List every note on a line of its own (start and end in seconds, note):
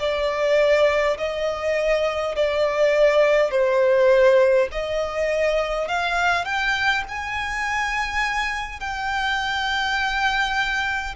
0.00 1.18 D5
1.18 2.36 D#5
2.36 3.51 D5
3.51 4.69 C5
4.72 5.88 D#5
5.88 6.45 F5
6.45 7.04 G5
7.09 8.80 G#5
8.80 11.16 G5